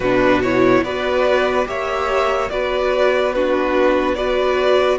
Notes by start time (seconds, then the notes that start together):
0.00 B2 D4 F#4 B4
0.42 E4 C#5
0.83 B3 F#4 B4 D5
1.65 A#3 G4 C#5 E5
2.49 B3 F#4 B4 D5
3.32 D4 F#4 B4
4.14 F#4 B4 D5